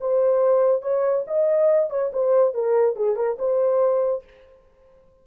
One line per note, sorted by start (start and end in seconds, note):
0.00 0.82 C5
0.82 1.24 C#5
1.27 1.90 D#5
1.90 2.11 C#5
2.12 2.54 C5
2.54 2.96 A#4
2.96 3.16 G#4
3.16 3.37 A#4
3.39 4.24 C5